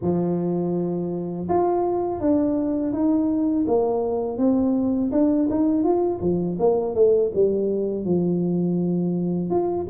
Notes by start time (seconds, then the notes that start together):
0.01 F3
1.48 F4
2.20 D4
2.92 D#4
3.67 A#3
4.37 C4
5.11 D4
5.49 D#4
5.83 F4
6.21 F3
6.59 A#3
6.94 A3
7.34 G3
8.05 F3
9.50 F4